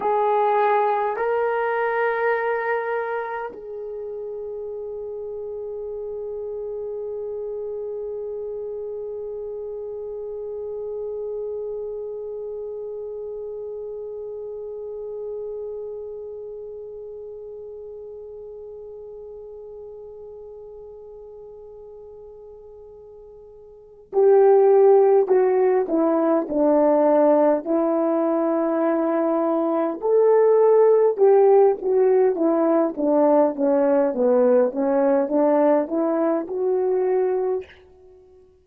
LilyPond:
\new Staff \with { instrumentName = "horn" } { \time 4/4 \tempo 4 = 51 gis'4 ais'2 gis'4~ | gis'1~ | gis'1~ | gis'1~ |
gis'1~ | gis'8 g'4 fis'8 e'8 d'4 e'8~ | e'4. a'4 g'8 fis'8 e'8 | d'8 cis'8 b8 cis'8 d'8 e'8 fis'4 | }